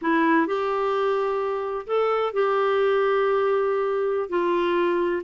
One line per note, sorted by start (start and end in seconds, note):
0.01 0.47 E4
0.47 1.86 G4
1.86 2.33 A4
2.33 4.29 G4
4.29 5.22 F4